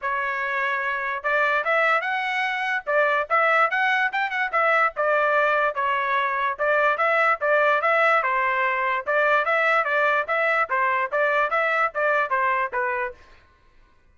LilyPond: \new Staff \with { instrumentName = "trumpet" } { \time 4/4 \tempo 4 = 146 cis''2. d''4 | e''4 fis''2 d''4 | e''4 fis''4 g''8 fis''8 e''4 | d''2 cis''2 |
d''4 e''4 d''4 e''4 | c''2 d''4 e''4 | d''4 e''4 c''4 d''4 | e''4 d''4 c''4 b'4 | }